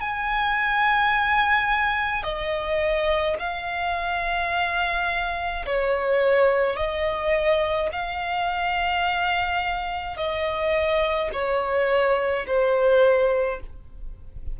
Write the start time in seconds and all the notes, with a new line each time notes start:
0.00 G#5
2.23 D#5
3.39 F5
5.66 C#5
6.76 D#5
7.92 F5
10.17 D#5
11.33 C#5
12.46 C5